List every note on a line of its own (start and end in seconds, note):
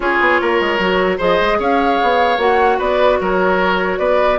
0.00 0.18 C#4
0.00 0.80 F4
0.00 0.41 G#4
0.00 1.19 C#5
0.20 0.40 B3
0.41 0.60 A#3
0.41 1.17 A#4
0.60 0.78 G#3
0.78 1.18 F#3
0.78 1.18 F#4
1.17 1.39 F3
1.17 2.38 G#4
1.17 1.57 C5
1.17 1.60 D#5
1.40 1.59 G#3
1.59 1.99 C#4
1.59 2.78 C#5
1.59 2.39 F5
2.02 2.37 B3
2.37 2.77 A#3
2.37 4.38 F#4
2.37 2.79 F#5
2.78 3.19 B3
2.78 3.18 B4
2.78 3.20 D5
3.20 3.98 F#3
3.20 3.98 A#4
3.20 3.98 C#5
3.98 4.38 B3
3.98 4.38 B4
3.98 4.38 D5